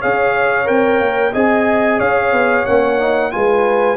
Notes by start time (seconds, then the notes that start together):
0.00 C#4 G#4 C#5 F5
0.65 C4 A#4 G5
1.00 A#3
1.33 C4 G#4 D#5 G#5
1.99 C#4 C#5 F5
2.32 B3
2.66 A#3 C#4 F#5
2.99 D#4
3.32 G#3 F4 B4 G#5